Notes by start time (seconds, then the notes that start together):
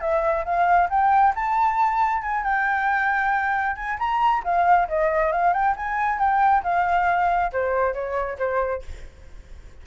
0.00 E5
0.44 F5
0.89 G5
1.35 A5
2.22 G#5
2.43 G5
3.76 G#5
3.98 A#5
4.44 F5
4.88 D#5
5.32 F5
5.53 G5
5.76 G#5
6.18 G5
6.63 F5
7.52 C5
7.93 C#5
8.38 C5